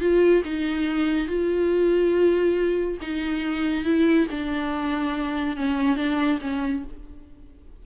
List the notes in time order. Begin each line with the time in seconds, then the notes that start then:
0.00 F4
0.45 D#4
1.27 F4
3.01 D#4
3.84 E4
4.31 D4
5.56 C#4
5.96 D4
6.41 C#4